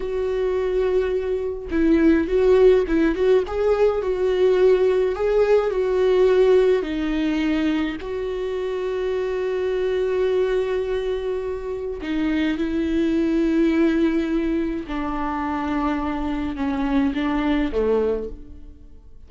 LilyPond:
\new Staff \with { instrumentName = "viola" } { \time 4/4 \tempo 4 = 105 fis'2. e'4 | fis'4 e'8 fis'8 gis'4 fis'4~ | fis'4 gis'4 fis'2 | dis'2 fis'2~ |
fis'1~ | fis'4 dis'4 e'2~ | e'2 d'2~ | d'4 cis'4 d'4 a4 | }